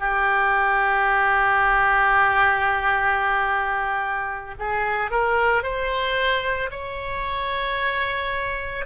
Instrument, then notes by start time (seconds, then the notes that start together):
oboe
0.00 G4
4.59 G#4
5.11 A#4
5.63 C5
6.71 C#5